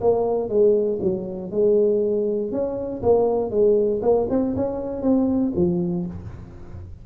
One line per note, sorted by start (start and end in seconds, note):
0.00 0.48 A#3
0.48 0.99 G#3
1.01 1.51 F#3
1.51 2.51 G#3
2.51 3.02 C#4
3.02 3.50 A#3
3.50 4.01 G#3
4.02 4.27 A#3
4.29 4.55 C4
4.56 5.02 C#4
5.02 5.52 C4
5.55 6.05 F3